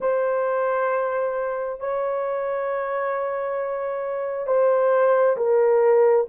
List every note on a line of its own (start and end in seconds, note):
0.00 1.80 C5
1.80 4.47 C#5
4.47 5.36 C5
5.36 6.26 A#4